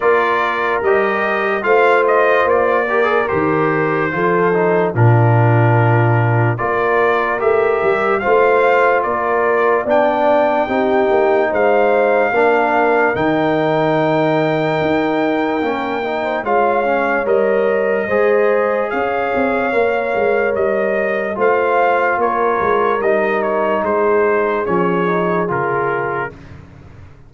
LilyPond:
<<
  \new Staff \with { instrumentName = "trumpet" } { \time 4/4 \tempo 4 = 73 d''4 dis''4 f''8 dis''8 d''4 | c''2 ais'2 | d''4 e''4 f''4 d''4 | g''2 f''2 |
g''1 | f''4 dis''2 f''4~ | f''4 dis''4 f''4 cis''4 | dis''8 cis''8 c''4 cis''4 ais'4 | }
  \new Staff \with { instrumentName = "horn" } { \time 4/4 ais'2 c''4. ais'8~ | ais'4 a'4 f'2 | ais'2 c''4 ais'4 | d''4 g'4 c''4 ais'4~ |
ais'2.~ ais'8. c''16 | cis''2 c''4 cis''4~ | cis''2 c''4 ais'4~ | ais'4 gis'2. | }
  \new Staff \with { instrumentName = "trombone" } { \time 4/4 f'4 g'4 f'4. g'16 gis'16 | g'4 f'8 dis'8 d'2 | f'4 g'4 f'2 | d'4 dis'2 d'4 |
dis'2. cis'8 dis'8 | f'8 cis'8 ais'4 gis'2 | ais'2 f'2 | dis'2 cis'8 dis'8 f'4 | }
  \new Staff \with { instrumentName = "tuba" } { \time 4/4 ais4 g4 a4 ais4 | dis4 f4 ais,2 | ais4 a8 g8 a4 ais4 | b4 c'8 ais8 gis4 ais4 |
dis2 dis'4 ais4 | gis4 g4 gis4 cis'8 c'8 | ais8 gis8 g4 a4 ais8 gis8 | g4 gis4 f4 cis4 | }
>>